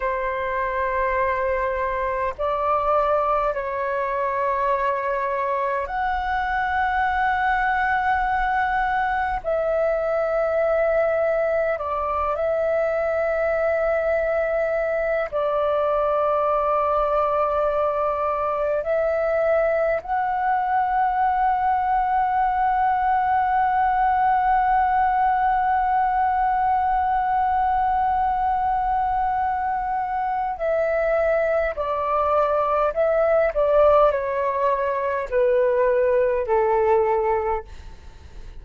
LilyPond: \new Staff \with { instrumentName = "flute" } { \time 4/4 \tempo 4 = 51 c''2 d''4 cis''4~ | cis''4 fis''2. | e''2 d''8 e''4.~ | e''4 d''2. |
e''4 fis''2.~ | fis''1~ | fis''2 e''4 d''4 | e''8 d''8 cis''4 b'4 a'4 | }